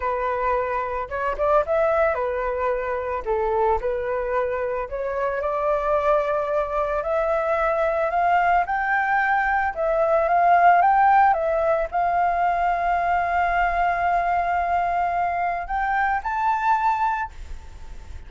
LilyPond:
\new Staff \with { instrumentName = "flute" } { \time 4/4 \tempo 4 = 111 b'2 cis''8 d''8 e''4 | b'2 a'4 b'4~ | b'4 cis''4 d''2~ | d''4 e''2 f''4 |
g''2 e''4 f''4 | g''4 e''4 f''2~ | f''1~ | f''4 g''4 a''2 | }